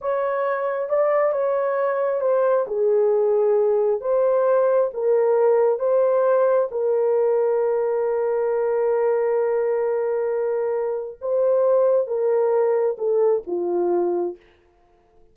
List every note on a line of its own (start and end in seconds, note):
0.01 0.89 C#5
0.89 1.32 D5
1.32 2.20 C#5
2.20 2.65 C5
2.67 4.00 G#4
4.00 4.90 C5
4.93 5.79 A#4
5.79 6.68 C5
6.71 11.18 A#4
11.21 12.07 C5
12.07 12.96 A#4
12.98 13.42 A4
13.46 14.36 F4